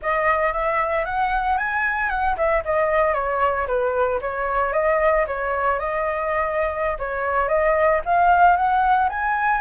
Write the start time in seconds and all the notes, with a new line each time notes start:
0.02 D#5
0.52 E5
1.05 F#5
1.58 G#5
2.09 F#5
2.37 E5
2.65 D#5
3.14 C#5
3.67 B4
4.21 C#5
4.72 D#5
5.27 C#5
5.79 D#5
6.99 C#5
7.48 D#5
8.05 F5
8.56 F#5
9.09 G#5